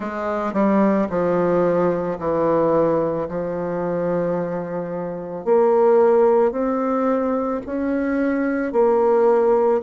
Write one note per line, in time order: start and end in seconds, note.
0.00 0.53 G#3
0.53 1.08 G3
1.09 2.18 F3
2.18 3.27 E3
3.28 5.44 F3
5.44 6.51 A#3
6.51 7.60 C4
7.66 8.72 C#4
8.72 9.81 A#3